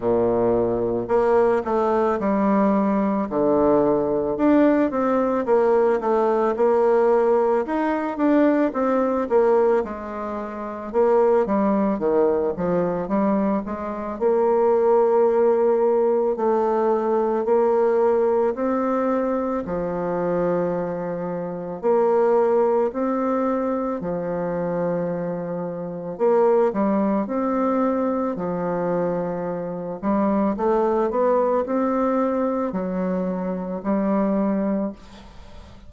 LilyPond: \new Staff \with { instrumentName = "bassoon" } { \time 4/4 \tempo 4 = 55 ais,4 ais8 a8 g4 d4 | d'8 c'8 ais8 a8 ais4 dis'8 d'8 | c'8 ais8 gis4 ais8 g8 dis8 f8 | g8 gis8 ais2 a4 |
ais4 c'4 f2 | ais4 c'4 f2 | ais8 g8 c'4 f4. g8 | a8 b8 c'4 fis4 g4 | }